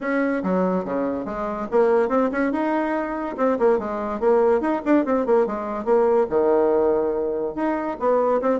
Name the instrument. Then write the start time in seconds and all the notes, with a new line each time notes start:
bassoon
0.00 C#4
0.43 F#3
0.84 C#3
1.25 G#3
1.71 A#3
2.09 C4
2.31 C#4
2.52 D#4
3.37 C4
3.59 A#3
3.79 G#3
4.20 A#3
4.60 D#4
4.85 D4
5.05 C4
5.25 A#3
5.46 G#3
5.85 A#3
6.29 D#3
7.55 D#4
7.99 B3
8.41 C4